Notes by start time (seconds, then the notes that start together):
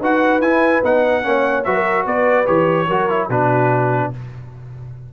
0.00 D#4 F#4 B4 F#5
0.40 E4 G#5
0.83 B3 D#4 F#5
1.23 A#3 C#4 C#5
1.64 F#3 F#4 B4 E5
1.75 A#4
2.06 B3 B4 D5
2.46 E3 G4 C#5
2.87 F#3 F#4 A#4
3.09 E4
3.28 B2 D4 F#4 B4